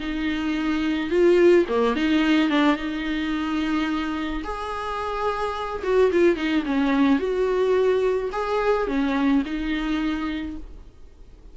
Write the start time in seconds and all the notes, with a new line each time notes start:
0.00 D#4
1.10 F4
1.69 A#3
1.96 D#4
2.50 D4
2.76 D#4
4.44 G#4
5.84 F#4
6.12 F4
6.36 D#4
6.65 C#4
7.19 F#4
8.32 G#4
8.87 C#4
9.45 D#4